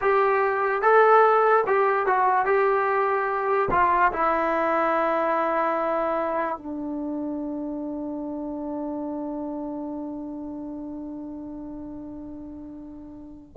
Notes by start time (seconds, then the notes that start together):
0.01 G4
0.82 A4
1.67 G4
2.06 F#4
2.45 G4
3.70 F4
4.12 E4
6.57 D4